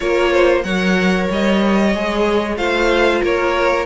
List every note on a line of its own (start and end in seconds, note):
0.00 0.64 A#3
0.00 0.62 F4
0.00 0.32 A#4
0.00 0.62 C#5
0.32 0.64 C5
0.62 1.28 F#3
0.62 1.91 A#4
0.62 2.57 C#5
0.62 1.28 F#5
1.30 1.94 G3
1.30 2.57 D#5
1.94 2.56 G#3
1.94 2.57 G#4
2.56 3.21 A3
2.56 3.85 F4
2.56 3.22 C5
2.56 3.21 F5
3.22 3.85 A#3
3.22 3.85 A#4
3.22 3.85 C#5